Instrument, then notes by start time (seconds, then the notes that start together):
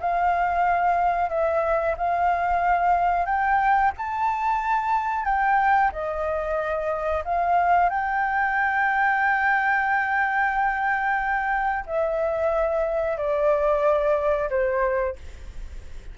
flute
0.00 F5
1.29 E5
1.98 F5
3.26 G5
3.98 A5
5.25 G5
5.93 D#5
7.25 F5
7.90 G5
11.87 E5
13.18 D5
14.50 C5